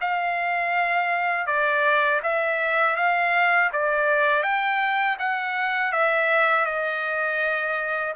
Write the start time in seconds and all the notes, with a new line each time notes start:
0.00 F5
1.46 D5
2.23 E5
2.96 F5
3.72 D5
4.42 G5
5.19 F#5
5.92 E5
6.65 D#5